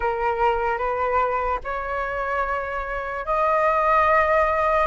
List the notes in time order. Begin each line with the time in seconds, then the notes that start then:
0.00 A#4
0.78 B4
1.64 C#5
3.25 D#5